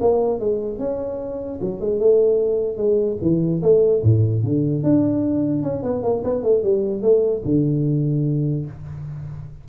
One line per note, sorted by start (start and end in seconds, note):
0.00 0.39 A#3
0.39 0.79 G#3
0.79 1.59 C#4
1.61 1.80 F#3
1.80 1.99 G#3
1.99 2.77 A3
2.77 3.17 G#3
3.21 3.61 E3
3.62 4.02 A3
4.03 4.43 A2
4.43 4.83 D3
4.83 5.62 D4
5.62 5.82 C#4
5.82 6.02 B3
6.03 6.23 A#3
6.24 6.43 B3
6.43 6.63 A3
6.63 7.02 G3
7.02 7.42 A3
7.45 8.65 D3